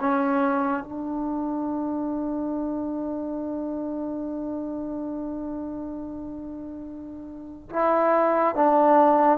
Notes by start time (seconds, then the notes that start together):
0.00 C#4
0.84 D4
7.70 E4
8.56 D4